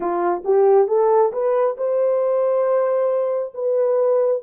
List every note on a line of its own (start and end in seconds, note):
0.00 0.43 F4
0.44 0.87 G4
0.87 1.32 A4
1.32 1.76 B4
1.76 3.53 C5
3.54 4.42 B4